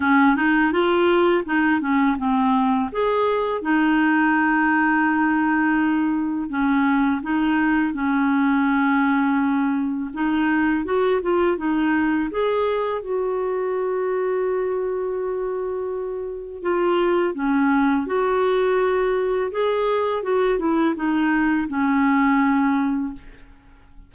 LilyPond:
\new Staff \with { instrumentName = "clarinet" } { \time 4/4 \tempo 4 = 83 cis'8 dis'8 f'4 dis'8 cis'8 c'4 | gis'4 dis'2.~ | dis'4 cis'4 dis'4 cis'4~ | cis'2 dis'4 fis'8 f'8 |
dis'4 gis'4 fis'2~ | fis'2. f'4 | cis'4 fis'2 gis'4 | fis'8 e'8 dis'4 cis'2 | }